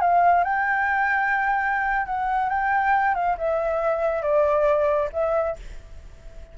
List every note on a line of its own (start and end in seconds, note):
0.00 0.43 F5
0.44 2.06 G5
2.06 2.49 F#5
2.49 3.14 G5
3.15 3.36 F5
3.38 4.22 E5
4.22 5.09 D5
5.13 5.56 E5